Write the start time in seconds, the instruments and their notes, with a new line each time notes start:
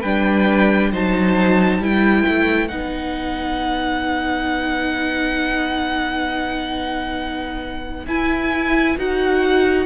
0.00 cello G3, viola D4, violin B4 G5
0.91 cello F#3, viola D#4, violin C5 A5
1.79 cello G3, viola E4, violin B4 G5
2.28 cello A3
2.68 cello B3, viola D#4, violin F#5
8.06 cello E4, viola E4, violin G#5
8.97 cello D#4, viola F#4, violin F#5